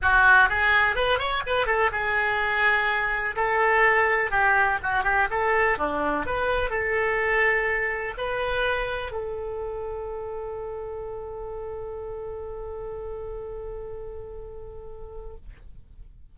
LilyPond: \new Staff \with { instrumentName = "oboe" } { \time 4/4 \tempo 4 = 125 fis'4 gis'4 b'8 cis''8 b'8 a'8 | gis'2. a'4~ | a'4 g'4 fis'8 g'8 a'4 | d'4 b'4 a'2~ |
a'4 b'2 a'4~ | a'1~ | a'1~ | a'1 | }